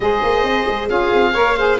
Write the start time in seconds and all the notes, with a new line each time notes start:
0.00 G#3 G#4 C5 D#5
0.22 A#3
0.43 C4
0.68 G#3
0.88 C#4 F4 G#4 F5
1.13 C4
1.34 A#3 A#4 C#5
1.56 G#4 C5